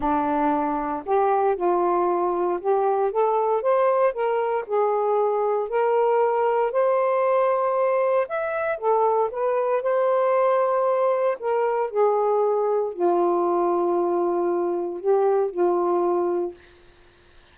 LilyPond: \new Staff \with { instrumentName = "saxophone" } { \time 4/4 \tempo 4 = 116 d'2 g'4 f'4~ | f'4 g'4 a'4 c''4 | ais'4 gis'2 ais'4~ | ais'4 c''2. |
e''4 a'4 b'4 c''4~ | c''2 ais'4 gis'4~ | gis'4 f'2.~ | f'4 g'4 f'2 | }